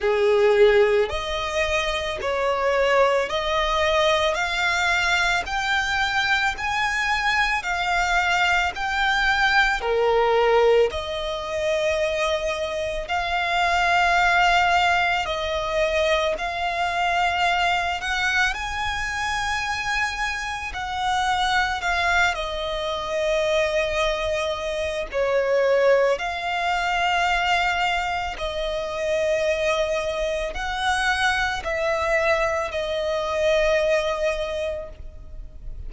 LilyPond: \new Staff \with { instrumentName = "violin" } { \time 4/4 \tempo 4 = 55 gis'4 dis''4 cis''4 dis''4 | f''4 g''4 gis''4 f''4 | g''4 ais'4 dis''2 | f''2 dis''4 f''4~ |
f''8 fis''8 gis''2 fis''4 | f''8 dis''2~ dis''8 cis''4 | f''2 dis''2 | fis''4 e''4 dis''2 | }